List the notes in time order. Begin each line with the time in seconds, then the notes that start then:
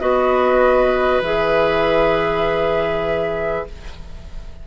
0.00 B3 F#4 B4 D#5
1.21 E3 G#4 E5